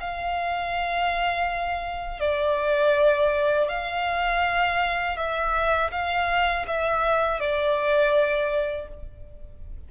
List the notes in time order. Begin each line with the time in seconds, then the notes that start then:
0.00 F5
2.20 D5
3.69 F5
5.17 E5
5.92 F5
6.67 E5
7.40 D5